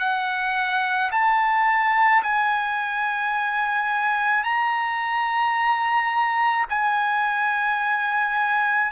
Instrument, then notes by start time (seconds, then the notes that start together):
trumpet
0.00 F#5
1.12 A5
2.23 G#5
4.44 A#5
6.70 G#5